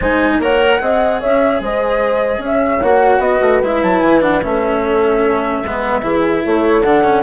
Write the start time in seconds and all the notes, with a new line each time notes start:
0.00 G#3 D#4 C5 G#5
0.39 A#3 A#4 C#5 F#5
0.79 C4 G#4 D#5
1.20 C#4 C#5 E5
1.60 G#3 C5 D#5
2.38 C#4 C#5
2.45 E5
2.82 A#3 F#4 F#5
3.18 B3 B4 D#5
3.41 A3
3.62 G#3 E4 E5
3.82 F#3 A5
4.00 E3 G#5
4.21 D4 F#5
4.42 A3 C#4 E5
4.83 A4
5.63 G#3 B3 B4
6.01 E3 E4 G#4
6.43 A3 A4 C#5
6.82 D3 D4 F#5
7.03 C#4